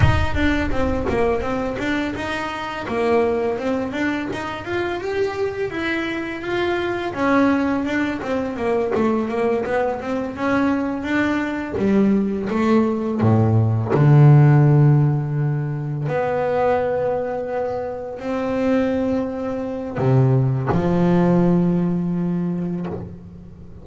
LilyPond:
\new Staff \with { instrumentName = "double bass" } { \time 4/4 \tempo 4 = 84 dis'8 d'8 c'8 ais8 c'8 d'8 dis'4 | ais4 c'8 d'8 dis'8 f'8 g'4 | e'4 f'4 cis'4 d'8 c'8 | ais8 a8 ais8 b8 c'8 cis'4 d'8~ |
d'8 g4 a4 a,4 d8~ | d2~ d8 b4.~ | b4. c'2~ c'8 | c4 f2. | }